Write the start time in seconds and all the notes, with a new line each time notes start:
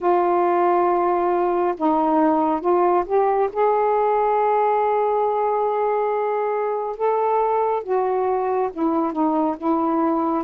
0.00 F4
1.77 D#4
2.60 F4
3.06 G4
3.52 G#4
6.96 A4
7.83 F#4
8.72 E4
9.12 D#4
9.57 E4